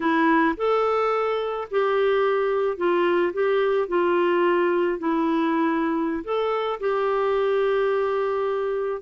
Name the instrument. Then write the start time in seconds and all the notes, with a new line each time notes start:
clarinet
0.00 E4
0.57 A4
1.70 G4
2.77 F4
3.33 G4
3.88 F4
4.98 E4
6.24 A4
6.80 G4